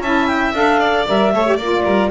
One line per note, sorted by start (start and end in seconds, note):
0.00 0.52 C#4
0.00 0.54 E4
0.00 0.80 E5
0.00 0.27 A5
0.27 0.53 G5
0.53 1.05 D4
0.53 1.06 A4
0.53 1.07 F5
0.80 1.32 D5
1.08 1.33 G3
1.08 1.33 A#4
1.08 1.59 E5
1.33 1.58 A3
1.33 1.46 A4
1.33 1.57 C#5
1.46 1.59 G4
1.57 1.84 A#3
1.57 2.10 F4
1.57 1.83 D5
1.57 2.10 D5
1.84 2.10 G3
1.84 2.10 A#4